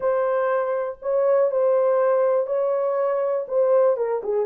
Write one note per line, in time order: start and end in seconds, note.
0.00 0.98 C5
1.02 1.51 C#5
1.51 2.47 C5
2.47 3.46 C#5
3.47 3.96 C5
3.96 4.21 A#4
4.23 4.46 G#4